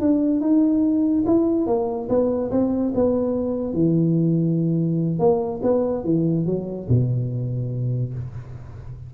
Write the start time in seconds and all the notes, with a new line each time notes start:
0.00 D4
0.41 D#4
1.26 E4
1.66 A#3
2.09 B3
2.51 C4
2.94 B3
3.73 E3
5.19 A#3
5.62 B3
6.04 E3
6.45 F#3
6.88 B2